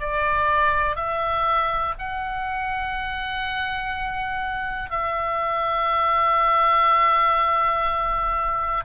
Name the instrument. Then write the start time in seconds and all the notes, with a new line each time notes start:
oboe
0.00 D5
0.96 E5
1.99 F#5
4.90 E5